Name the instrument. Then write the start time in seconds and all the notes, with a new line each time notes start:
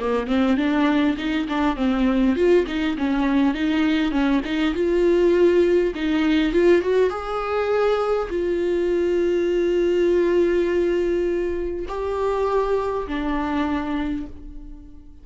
viola
0.00 A#3
0.27 C4
0.58 D4
1.17 D#4
1.49 D4
1.77 C4
2.36 F4
2.67 D#4
2.98 C#4
3.55 D#4
4.12 C#4
4.45 D#4
4.75 F4
5.95 D#4
6.53 F4
6.82 F#4
7.10 G#4
8.30 F4
11.89 G4
13.08 D4